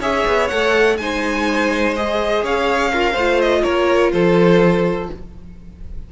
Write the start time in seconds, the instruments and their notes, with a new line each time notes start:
0.00 cello C#4, viola G#4, violin C#5 E5
0.27 cello B3
0.49 cello A3, viola A4, violin F#5
0.98 cello G#3, viola D#4, violin C5 G#5
1.96 viola G#4, violin D#5
2.43 cello C#4, violin C#5 F5
2.93 violin F4, viola A#4
3.12 cello A3, violin C5
3.19 viola F4
3.41 violin D#5
3.63 cello A#3, violin A#4 C#5
4.12 cello F3, violin A4 C5